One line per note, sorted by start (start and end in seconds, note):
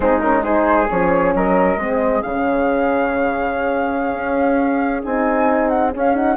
0.00 0.89 G#3
0.00 0.20 C4
0.00 0.43 D#4
0.00 0.20 G#4
0.20 0.42 C#4
0.20 0.43 A#4
0.42 0.87 D#4
0.42 1.33 G#4
0.42 0.88 C5
0.89 1.34 F3
0.89 1.79 C#4
0.89 1.33 C#5
1.34 1.76 F#3
1.34 1.79 A#4
1.34 2.22 D#5
1.76 2.21 G#3
1.76 2.23 C4
1.76 6.36 G#4
2.22 4.12 C#3
2.22 5.03 C#4
2.22 5.01 F5
4.12 5.02 C#4
5.03 5.94 C4
5.03 5.91 D#4
5.03 5.68 G#5
5.68 5.91 F#5
5.91 6.13 C#4
5.91 6.36 C#4
5.98 6.15 F5
6.13 6.36 D#4
6.13 6.36 F#5